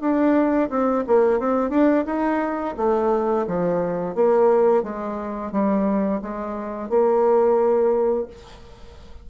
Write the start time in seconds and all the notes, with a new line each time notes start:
0.00 D4
0.69 C4
1.07 A#3
1.39 C4
1.70 D4
2.05 D#4
2.77 A3
3.47 F3
4.14 A#3
4.83 G#3
5.51 G3
6.21 G#3
6.89 A#3